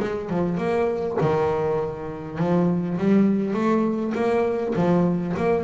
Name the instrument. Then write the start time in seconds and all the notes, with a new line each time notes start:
double bass
0.00 G#3
0.29 F3
0.58 A#3
1.21 D#3
2.38 F3
2.98 G3
3.54 A3
4.14 A#3
4.75 F3
5.37 A#3